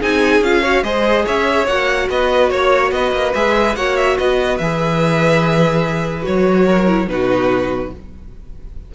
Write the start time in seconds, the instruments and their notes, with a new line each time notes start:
0.00 cello C4, viola D#4, violin G#4 G#5
0.40 cello C#4, viola F4, violin F5
0.62 viola F#4, violin C#5
0.82 cello G#3, viola G#4, violin C5 D#5
1.25 cello C#4, violin C#5 E5
1.66 cello A#3, viola F#4, violin F#5
2.09 cello B3, violin B4 D#5
2.49 cello A#3, violin C#5
2.91 cello B3, violin B4 D#5
3.12 cello A#3
3.34 cello G#3, viola G#4, violin E5
3.75 cello A#3, viola F#4, violin C#5 F#5
3.96 violin E5
4.17 cello B3, violin B4 D#5
4.58 cello E3, viola G#4, violin E5
6.22 cello F#3, viola F#4, violin C#5
6.65 violin A#4
6.87 viola E4
7.07 cello B2, viola D#4, violin F#4 B4